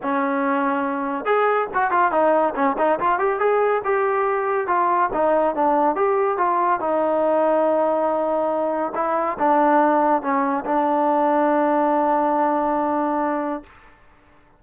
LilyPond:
\new Staff \with { instrumentName = "trombone" } { \time 4/4 \tempo 4 = 141 cis'2. gis'4 | fis'8 f'8 dis'4 cis'8 dis'8 f'8 g'8 | gis'4 g'2 f'4 | dis'4 d'4 g'4 f'4 |
dis'1~ | dis'4 e'4 d'2 | cis'4 d'2.~ | d'1 | }